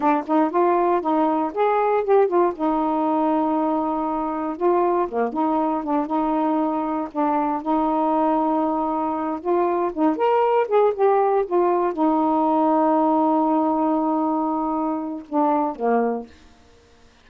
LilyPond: \new Staff \with { instrumentName = "saxophone" } { \time 4/4 \tempo 4 = 118 d'8 dis'8 f'4 dis'4 gis'4 | g'8 f'8 dis'2.~ | dis'4 f'4 ais8 dis'4 d'8 | dis'2 d'4 dis'4~ |
dis'2~ dis'8 f'4 dis'8 | ais'4 gis'8 g'4 f'4 dis'8~ | dis'1~ | dis'2 d'4 ais4 | }